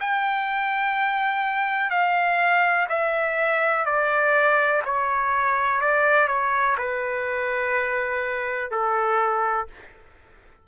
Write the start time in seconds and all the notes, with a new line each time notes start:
0.00 G5
1.90 F5
2.89 E5
3.85 D5
4.85 C#5
5.81 D5
6.28 C#5
6.77 B4
8.71 A4